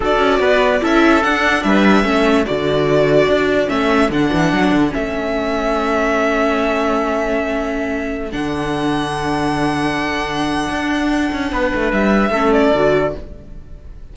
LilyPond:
<<
  \new Staff \with { instrumentName = "violin" } { \time 4/4 \tempo 4 = 146 d''2 e''4 fis''4 | e''2 d''2~ | d''4 e''4 fis''2 | e''1~ |
e''1~ | e''16 fis''2.~ fis''8.~ | fis''1~ | fis''4 e''4. d''4. | }
  \new Staff \with { instrumentName = "trumpet" } { \time 4/4 a'4 b'4 a'2 | b'4 a'2.~ | a'1~ | a'1~ |
a'1~ | a'1~ | a'1 | b'2 a'2 | }
  \new Staff \with { instrumentName = "viola" } { \time 4/4 fis'2 e'4 d'4~ | d'4 cis'4 fis'2~ | fis'4 cis'4 d'2 | cis'1~ |
cis'1~ | cis'16 d'2.~ d'8.~ | d'1~ | d'2 cis'4 fis'4 | }
  \new Staff \with { instrumentName = "cello" } { \time 4/4 d'8 cis'8 b4 cis'4 d'4 | g4 a4 d2 | d'4 a4 d8 e8 fis8 d8 | a1~ |
a1~ | a16 d2.~ d8.~ | d2 d'4. cis'8 | b8 a8 g4 a4 d4 | }
>>